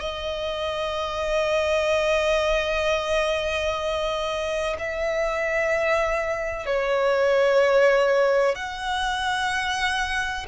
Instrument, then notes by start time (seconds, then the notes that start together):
violin
0.00 D#5
4.79 E5
6.66 C#5
8.55 F#5